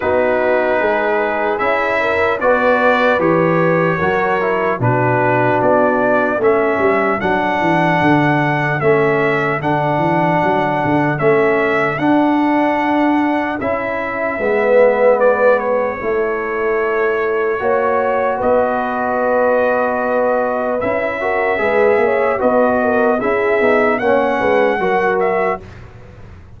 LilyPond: <<
  \new Staff \with { instrumentName = "trumpet" } { \time 4/4 \tempo 4 = 75 b'2 e''4 d''4 | cis''2 b'4 d''4 | e''4 fis''2 e''4 | fis''2 e''4 fis''4~ |
fis''4 e''2 d''8 cis''8~ | cis''2. dis''4~ | dis''2 e''2 | dis''4 e''4 fis''4. e''8 | }
  \new Staff \with { instrumentName = "horn" } { \time 4/4 fis'4 gis'4. ais'8 b'4~ | b'4 ais'4 fis'2 | a'1~ | a'1~ |
a'2 b'2 | a'2 cis''4 b'4~ | b'2~ b'8 ais'8 b'8 cis''8 | b'8 ais'8 gis'4 cis''8 b'8 ais'4 | }
  \new Staff \with { instrumentName = "trombone" } { \time 4/4 dis'2 e'4 fis'4 | g'4 fis'8 e'8 d'2 | cis'4 d'2 cis'4 | d'2 cis'4 d'4~ |
d'4 e'4 b2 | e'2 fis'2~ | fis'2 e'8 fis'8 gis'4 | fis'4 e'8 dis'8 cis'4 fis'4 | }
  \new Staff \with { instrumentName = "tuba" } { \time 4/4 b4 gis4 cis'4 b4 | e4 fis4 b,4 b4 | a8 g8 fis8 e8 d4 a4 | d8 e8 fis8 d8 a4 d'4~ |
d'4 cis'4 gis2 | a2 ais4 b4~ | b2 cis'4 gis8 ais8 | b4 cis'8 b8 ais8 gis8 fis4 | }
>>